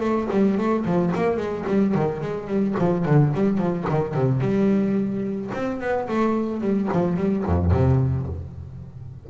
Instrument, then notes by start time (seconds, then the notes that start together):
double bass
0.00 A3
0.30 G3
0.57 A3
0.85 F3
1.14 A#3
1.37 G#3
1.67 G3
1.94 D#3
2.20 G#3
2.47 G3
2.78 F3
3.05 D3
3.33 G3
3.57 F3
3.89 D#3
4.14 C3
4.40 G3
5.53 C4
5.80 B3
6.08 A3
6.61 G3
6.92 F3
7.16 G3
7.45 F2
7.71 C3